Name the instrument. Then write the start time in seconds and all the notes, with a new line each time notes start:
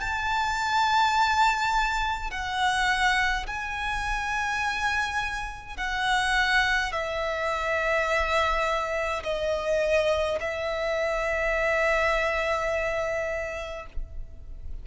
violin
0.00 A5
2.31 F#5
3.47 G#5
5.77 F#5
6.92 E5
9.24 D#5
10.40 E5